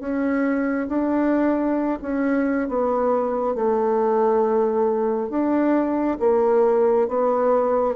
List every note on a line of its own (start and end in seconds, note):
0.00 0.88 C#4
0.89 1.99 D4
2.03 2.69 C#4
2.69 3.55 B3
3.55 5.30 A3
5.30 6.18 D4
6.20 7.08 A#3
7.08 7.96 B3